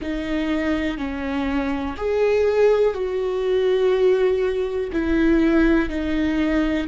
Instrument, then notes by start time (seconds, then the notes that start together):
viola
0.01 D#4
0.97 C#4
1.96 G#4
2.94 F#4
4.92 E4
5.89 D#4